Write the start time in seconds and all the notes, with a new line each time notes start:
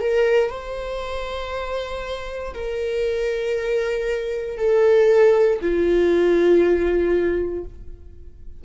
0.00 A#4
0.50 C5
2.54 A#4
4.58 A4
5.61 F4